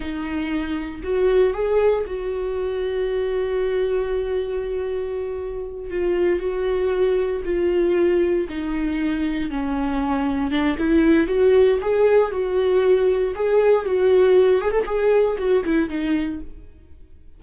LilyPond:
\new Staff \with { instrumentName = "viola" } { \time 4/4 \tempo 4 = 117 dis'2 fis'4 gis'4 | fis'1~ | fis'2.~ fis'8 f'8~ | f'8 fis'2 f'4.~ |
f'8 dis'2 cis'4.~ | cis'8 d'8 e'4 fis'4 gis'4 | fis'2 gis'4 fis'4~ | fis'8 gis'16 a'16 gis'4 fis'8 e'8 dis'4 | }